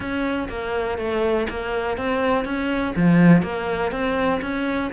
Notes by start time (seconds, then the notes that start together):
0.00 C#4
0.49 A#3
0.97 A3
1.49 A#3
1.97 C4
2.44 C#4
2.96 F3
3.42 A#3
3.91 C4
4.41 C#4